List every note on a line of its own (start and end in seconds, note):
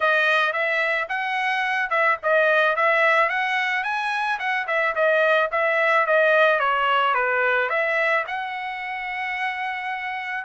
0.00 0.53 D#5
0.53 1.08 E5
1.08 1.89 F#5
1.89 2.17 E5
2.22 2.75 D#5
2.75 3.29 E5
3.29 3.83 F#5
3.83 4.38 G#5
4.39 4.66 F#5
4.67 4.94 E5
4.95 5.50 D#5
5.51 6.06 E5
6.06 6.59 D#5
6.59 7.14 C#5
7.14 7.69 B4
7.69 8.24 E5
8.27 10.44 F#5